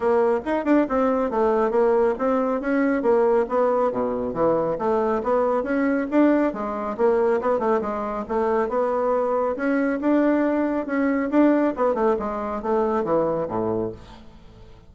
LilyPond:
\new Staff \with { instrumentName = "bassoon" } { \time 4/4 \tempo 4 = 138 ais4 dis'8 d'8 c'4 a4 | ais4 c'4 cis'4 ais4 | b4 b,4 e4 a4 | b4 cis'4 d'4 gis4 |
ais4 b8 a8 gis4 a4 | b2 cis'4 d'4~ | d'4 cis'4 d'4 b8 a8 | gis4 a4 e4 a,4 | }